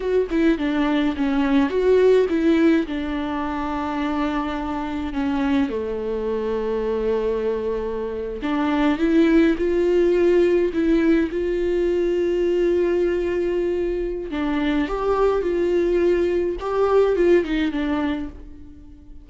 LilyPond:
\new Staff \with { instrumentName = "viola" } { \time 4/4 \tempo 4 = 105 fis'8 e'8 d'4 cis'4 fis'4 | e'4 d'2.~ | d'4 cis'4 a2~ | a2~ a8. d'4 e'16~ |
e'8. f'2 e'4 f'16~ | f'1~ | f'4 d'4 g'4 f'4~ | f'4 g'4 f'8 dis'8 d'4 | }